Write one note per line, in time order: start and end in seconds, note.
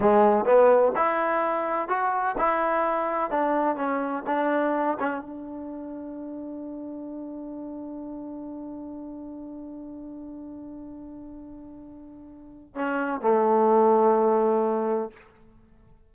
0.00 0.45 G#3
0.45 0.92 B3
0.95 1.88 E4
1.88 2.35 F#4
2.38 3.30 E4
3.30 3.76 D4
3.76 4.23 C#4
4.26 4.97 D4
4.99 5.21 C#4
5.21 12.75 D4
12.75 13.20 C#4
13.20 15.09 A3